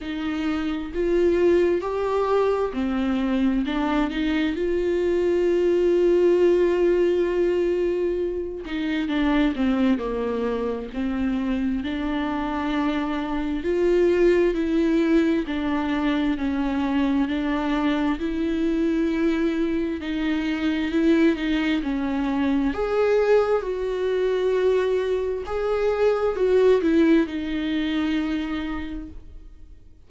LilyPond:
\new Staff \with { instrumentName = "viola" } { \time 4/4 \tempo 4 = 66 dis'4 f'4 g'4 c'4 | d'8 dis'8 f'2.~ | f'4. dis'8 d'8 c'8 ais4 | c'4 d'2 f'4 |
e'4 d'4 cis'4 d'4 | e'2 dis'4 e'8 dis'8 | cis'4 gis'4 fis'2 | gis'4 fis'8 e'8 dis'2 | }